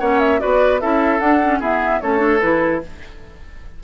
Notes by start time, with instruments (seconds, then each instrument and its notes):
0.00 bassoon A#3, clarinet C#4, oboe C#5, flute F#5
0.20 flute E5
0.39 bassoon B3, clarinet F#4, oboe B4, flute D5
0.80 bassoon C#4, clarinet E4, oboe A4, flute E5
1.20 clarinet D4, bassoon D4, flute F#5
1.43 clarinet C#4
1.59 clarinet B3, bassoon E4, oboe G#4, flute E5
2.01 bassoon A3, clarinet C#4, oboe A4, flute C#5
2.18 clarinet D4
2.40 bassoon E3, clarinet E4, flute B4